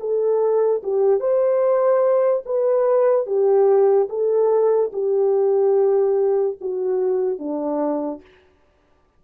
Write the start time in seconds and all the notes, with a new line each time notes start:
0.00 A4
0.84 G4
1.20 C5
2.46 B4
3.27 G4
4.09 A4
4.93 G4
6.61 F#4
7.39 D4